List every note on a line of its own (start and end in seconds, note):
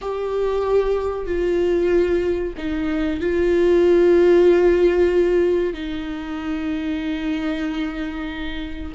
0.01 1.26 G4
1.26 2.53 F4
2.57 3.20 D#4
3.20 5.73 F4
5.73 8.92 D#4